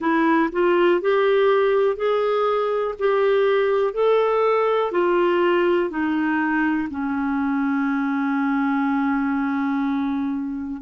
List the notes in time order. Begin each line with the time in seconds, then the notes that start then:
0.00 E4
0.51 F4
1.01 G4
1.96 G#4
2.99 G4
3.93 A4
4.91 F4
5.90 D#4
6.89 C#4